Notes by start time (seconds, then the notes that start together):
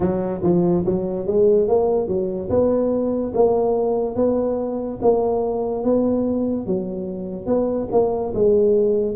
0.00 F#3
0.42 F3
0.85 F#3
1.26 G#3
1.68 A#3
2.07 F#3
2.49 B3
3.34 A#3
4.15 B3
5.01 A#3
5.84 B3
6.66 F#3
7.46 B3
7.91 A#3
8.34 G#3